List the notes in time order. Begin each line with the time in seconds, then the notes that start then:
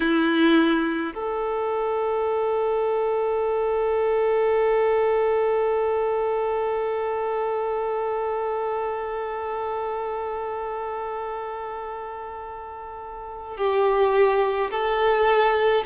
0.00 E4
1.14 A4
13.57 G4
14.71 A4